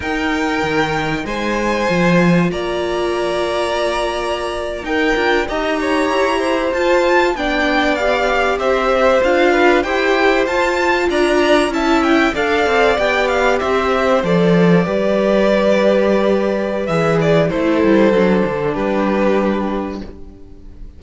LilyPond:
<<
  \new Staff \with { instrumentName = "violin" } { \time 4/4 \tempo 4 = 96 g''2 gis''2 | ais''2.~ ais''8. g''16~ | g''8. ais''2 a''4 g''16~ | g''8. f''4 e''4 f''4 g''16~ |
g''8. a''4 ais''4 a''8 g''8 f''16~ | f''8. g''8 f''8 e''4 d''4~ d''16~ | d''2. e''8 d''8 | c''2 b'2 | }
  \new Staff \with { instrumentName = "violin" } { \time 4/4 ais'2 c''2 | d''2.~ d''8. ais'16~ | ais'8. dis''8 cis''4 c''4. d''16~ | d''4.~ d''16 c''4. b'8 c''16~ |
c''4.~ c''16 d''4 e''4 d''16~ | d''4.~ d''16 c''2 b'16~ | b'1 | a'2 g'2 | }
  \new Staff \with { instrumentName = "viola" } { \time 4/4 dis'2. f'4~ | f'2.~ f'8. dis'16~ | dis'16 f'8 g'2 f'4 d'16~ | d'8. g'2 f'4 g'16~ |
g'8. f'2 e'4 a'16~ | a'8. g'2 a'4 g'16~ | g'2. gis'4 | e'4 d'2. | }
  \new Staff \with { instrumentName = "cello" } { \time 4/4 dis'4 dis4 gis4 f4 | ais2.~ ais8. dis'16~ | dis'16 d'8 dis'4 e'4 f'4 b16~ | b4.~ b16 c'4 d'4 e'16~ |
e'8. f'4 d'4 cis'4 d'16~ | d'16 c'8 b4 c'4 f4 g16~ | g2. e4 | a8 g8 fis8 d8 g2 | }
>>